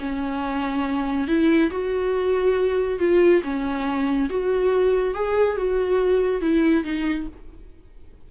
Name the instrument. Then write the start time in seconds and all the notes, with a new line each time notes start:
viola
0.00 C#4
1.28 E4
1.71 F#4
2.99 F4
3.44 C#4
4.30 F#4
5.14 G#4
5.57 F#4
6.41 E4
6.84 D#4